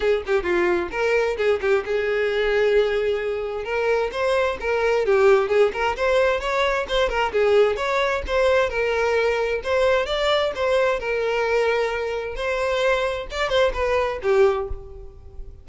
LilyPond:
\new Staff \with { instrumentName = "violin" } { \time 4/4 \tempo 4 = 131 gis'8 g'8 f'4 ais'4 gis'8 g'8 | gis'1 | ais'4 c''4 ais'4 g'4 | gis'8 ais'8 c''4 cis''4 c''8 ais'8 |
gis'4 cis''4 c''4 ais'4~ | ais'4 c''4 d''4 c''4 | ais'2. c''4~ | c''4 d''8 c''8 b'4 g'4 | }